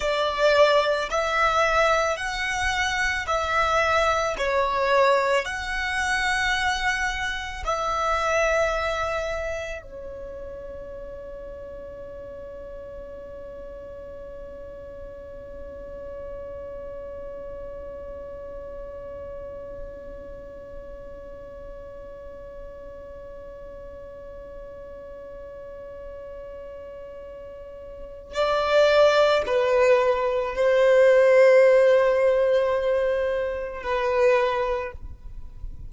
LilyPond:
\new Staff \with { instrumentName = "violin" } { \time 4/4 \tempo 4 = 55 d''4 e''4 fis''4 e''4 | cis''4 fis''2 e''4~ | e''4 cis''2.~ | cis''1~ |
cis''1~ | cis''1~ | cis''2 d''4 b'4 | c''2. b'4 | }